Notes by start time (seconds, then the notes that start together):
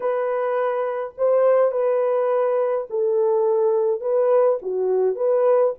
0.00 B4
1.17 C5
1.71 B4
2.90 A4
4.00 B4
4.62 F#4
5.15 B4